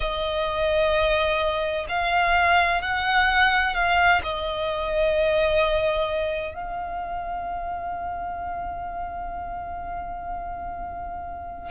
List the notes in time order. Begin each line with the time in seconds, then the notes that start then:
0.00 D#5
1.88 F5
2.81 F#5
3.74 F5
4.23 D#5
6.54 F5